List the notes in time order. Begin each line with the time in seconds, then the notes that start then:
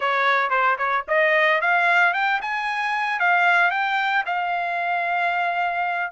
0.00 C#5
0.50 C5
0.78 C#5
1.08 D#5
1.61 F5
2.13 G5
2.41 G#5
3.19 F5
3.70 G5
4.26 F5